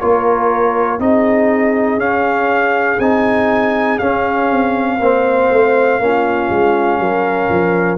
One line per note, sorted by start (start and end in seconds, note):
0.00 0.99 A#3
0.00 0.99 F4
0.00 1.01 A#4
0.00 1.00 C#5
0.99 1.97 C4
0.99 1.99 D#4
0.99 5.00 G#4
0.99 2.00 D#5
1.97 2.97 C#4
1.97 2.99 C#4
1.97 3.00 F5
2.99 3.99 C4
2.99 3.99 D#4
2.99 3.99 G#5
3.99 4.99 C#4
3.99 4.51 C#4
3.99 7.98 F5
4.51 5.00 C4
5.00 5.50 A#3
5.00 6.00 C4
5.00 6.00 C5
5.50 5.99 A3
5.99 6.49 A#3
5.99 7.98 C#4
5.99 7.00 F4
6.50 6.99 G#3
6.99 7.49 F#3
6.99 7.98 A#4
7.49 7.98 F3